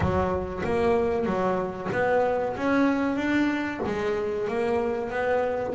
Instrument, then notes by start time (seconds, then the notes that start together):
double bass
0.00 F#3
0.64 A#3
1.25 F#3
1.91 B3
2.56 C#4
3.16 D4
3.86 G#3
4.48 A#3
5.10 B3